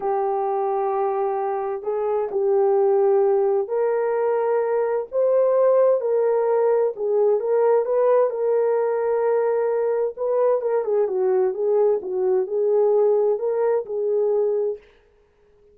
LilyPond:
\new Staff \with { instrumentName = "horn" } { \time 4/4 \tempo 4 = 130 g'1 | gis'4 g'2. | ais'2. c''4~ | c''4 ais'2 gis'4 |
ais'4 b'4 ais'2~ | ais'2 b'4 ais'8 gis'8 | fis'4 gis'4 fis'4 gis'4~ | gis'4 ais'4 gis'2 | }